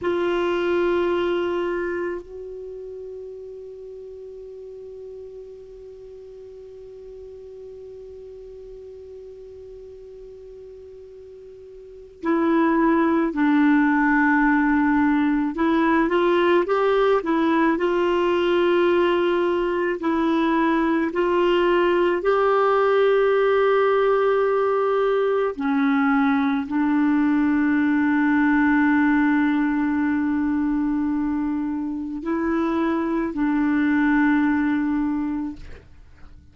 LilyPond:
\new Staff \with { instrumentName = "clarinet" } { \time 4/4 \tempo 4 = 54 f'2 fis'2~ | fis'1~ | fis'2. e'4 | d'2 e'8 f'8 g'8 e'8 |
f'2 e'4 f'4 | g'2. cis'4 | d'1~ | d'4 e'4 d'2 | }